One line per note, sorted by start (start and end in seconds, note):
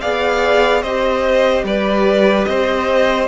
0.00 0.82 B3
0.00 0.84 G#4
0.00 0.82 D5
0.00 0.82 F5
0.82 1.63 C4
0.82 3.28 G4
0.82 1.64 C5
0.82 1.64 D#5
1.63 2.46 G3
1.63 2.48 B4
1.63 2.44 D5
2.44 3.28 C4
2.44 3.28 C5
2.44 3.27 D#5